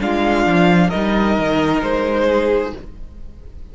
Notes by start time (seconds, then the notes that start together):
0.00 G#3 D4 F4 F5
0.46 F3
0.89 D#4 A#4 D#5
0.95 G3
1.38 D#3
1.82 G#3 C5
2.29 G#4